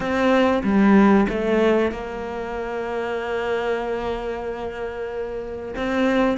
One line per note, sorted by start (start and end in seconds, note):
0.00 0.62 C4
0.63 1.27 G3
1.29 1.91 A3
1.91 5.74 A#3
5.76 6.37 C4